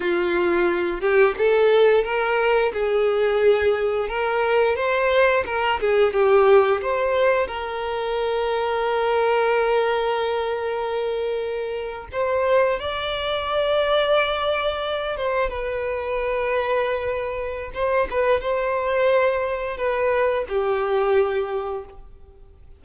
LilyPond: \new Staff \with { instrumentName = "violin" } { \time 4/4 \tempo 4 = 88 f'4. g'8 a'4 ais'4 | gis'2 ais'4 c''4 | ais'8 gis'8 g'4 c''4 ais'4~ | ais'1~ |
ais'4.~ ais'16 c''4 d''4~ d''16~ | d''2~ d''16 c''8 b'4~ b'16~ | b'2 c''8 b'8 c''4~ | c''4 b'4 g'2 | }